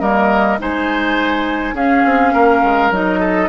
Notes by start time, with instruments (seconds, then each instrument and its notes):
0.00 bassoon G3, clarinet A#3, oboe A#4, flute D#5
0.59 bassoon G#3, clarinet D#4, oboe C5, flute G#5
1.73 bassoon C#4, clarinet C#4, oboe G#4, flute F5
2.05 bassoon C4
2.33 bassoon A#3, oboe A#4
2.63 bassoon G#3
2.91 bassoon F#3, clarinet D#4, flute D#5
3.20 oboe A4